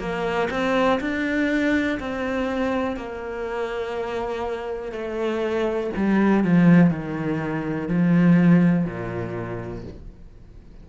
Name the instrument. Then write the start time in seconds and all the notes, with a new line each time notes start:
cello
0.00 A#3
0.51 C4
1.01 D4
2.00 C4
2.97 A#3
4.92 A3
5.97 G3
6.44 F3
6.91 D#3
7.89 F3
8.86 A#2